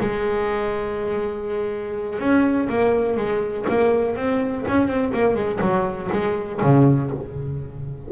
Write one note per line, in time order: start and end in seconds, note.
0.00 2.20 G#3
2.20 2.68 C#4
2.69 3.17 A#3
3.17 3.66 G#3
3.69 4.16 A#3
4.16 4.65 C4
4.68 4.88 C#4
4.88 5.12 C4
5.13 5.35 A#3
5.35 5.59 G#3
5.61 6.10 F#3
6.12 6.61 G#3
6.62 7.11 C#3